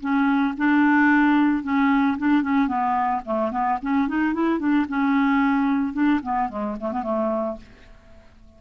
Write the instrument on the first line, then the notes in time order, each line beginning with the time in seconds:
clarinet
0.00 C#4
0.57 D4
1.63 C#4
2.18 D4
2.42 C#4
2.67 B3
3.25 A3
3.51 B3
3.82 C#4
4.08 D#4
4.33 E4
4.59 D4
4.88 C#4
5.93 D4
6.23 B3
6.49 G#3
6.80 A3
6.92 B3
7.02 A3